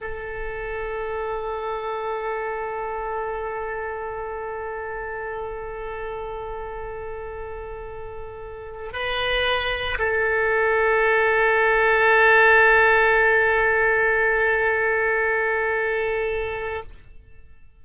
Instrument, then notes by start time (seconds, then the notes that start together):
oboe
0.00 A4
8.92 B4
9.98 A4